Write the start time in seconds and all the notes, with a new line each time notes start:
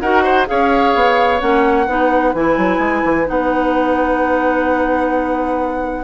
0.00 D#4 F#4 A#4 F#5
0.23 C5
0.46 C#4 G#4 C#5 F5
0.95 B3
1.40 A#3 C#4 F#5
1.86 B3 D#4 B4
2.34 E3 E4 G#5
2.57 F#3
2.79 G#3
3.04 E3
3.25 B3 D#4 F#5